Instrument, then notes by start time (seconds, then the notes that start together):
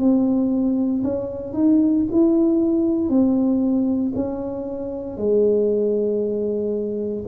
tuba
0.00 C4
1.04 C#4
1.54 D#4
2.12 E4
3.09 C4
4.16 C#4
5.18 G#3